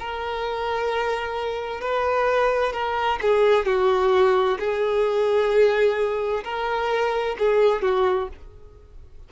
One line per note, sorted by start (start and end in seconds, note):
0.00 1.81 A#4
1.81 2.73 B4
2.73 3.19 A#4
3.22 3.65 G#4
3.65 4.58 F#4
4.59 6.44 G#4
6.44 7.36 A#4
7.38 7.82 G#4
7.82 8.28 F#4